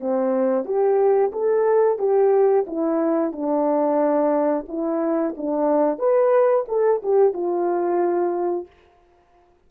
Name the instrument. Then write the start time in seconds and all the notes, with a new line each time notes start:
horn
0.00 C4
0.65 G4
1.32 A4
1.98 G4
2.67 E4
3.32 D4
4.68 E4
5.37 D4
5.98 B4
6.68 A4
7.02 G4
7.33 F4